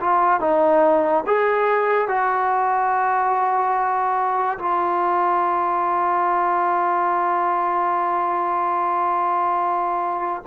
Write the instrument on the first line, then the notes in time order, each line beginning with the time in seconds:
trombone
0.00 F4
0.40 D#4
1.27 G#4
2.08 F#4
4.58 F4